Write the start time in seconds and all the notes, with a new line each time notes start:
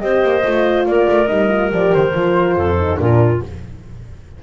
0.00 C4 G4 C5 D#5
0.23 A#3
0.43 A3 F4
0.86 A#3 A#4 D5
1.09 A3
1.28 G3 D#4 D#5
1.49 F4
1.71 F3 G4 D5
1.94 D#3 C5
2.14 F3 F4
2.56 F2 A4
2.78 D#4
2.98 A#2 D4 F4 A#4